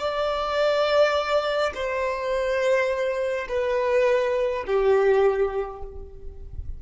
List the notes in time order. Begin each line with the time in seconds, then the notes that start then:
0.00 D5
1.75 C5
3.49 B4
4.67 G4